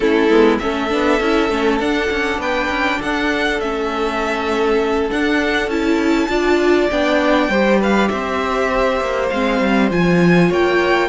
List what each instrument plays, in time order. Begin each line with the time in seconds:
0.00 cello A3, viola C#4, violin E4 A4
0.29 cello G#3, viola B3
0.58 cello A3, viola C#4, violin A4 E5
0.89 cello B3, viola D4
1.20 cello C#4, viola E4
1.49 cello A3, viola C#4
1.79 cello D4, viola D4, violin F#5
2.10 cello C#4
2.38 cello B3, violin B4 G5
2.69 cello C#4
2.99 cello D4, violin A4 F#5
3.60 cello A3, viola C#4, violin E5
5.09 viola D4, cello D4, violin F#5
5.67 cello C#4, viola E4, violin A5
6.28 cello D4, viola F4, violin D5
6.90 cello B3, viola D4, violin G5
7.48 cello G3, viola G4, violin C5
7.79 violin B4 F5
8.08 cello C4, violin C5 E5
9.01 cello A#3
9.29 cello G#3, viola C4, violin F5
9.60 cello G3
9.90 cello F3, viola F4, violin G#5
10.48 cello A#3, violin C#5 G5